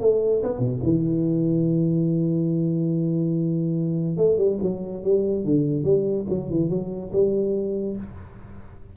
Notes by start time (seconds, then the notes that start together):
0.00 A3
0.43 B3
0.59 B2
0.83 E3
4.17 A3
4.37 G3
4.61 F#3
5.03 G3
5.44 D3
5.83 G3
6.28 F#3
6.49 E3
6.69 F#3
7.12 G3